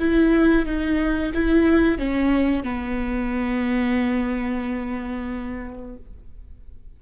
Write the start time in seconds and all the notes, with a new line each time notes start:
0.00 E4
0.66 D#4
1.35 E4
1.98 C#4
2.64 B3